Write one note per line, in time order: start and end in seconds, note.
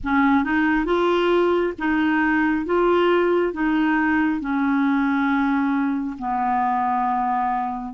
0.03 0.44 C#4
0.44 0.85 D#4
0.85 1.73 F4
1.78 2.65 D#4
2.65 3.53 F4
3.53 4.40 D#4
4.40 6.16 C#4
6.18 7.94 B3